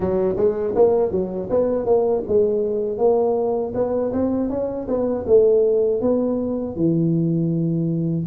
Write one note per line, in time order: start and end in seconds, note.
0.00 0.36 F#3
0.36 0.74 G#3
0.75 1.11 A#3
1.11 1.49 F#3
1.50 1.85 B3
1.85 2.23 A#3
2.27 2.98 G#3
2.98 3.73 A#3
3.74 4.11 B3
4.12 4.49 C4
4.49 4.87 C#4
4.88 5.25 B3
5.26 6.01 A3
6.01 6.76 B3
6.76 8.26 E3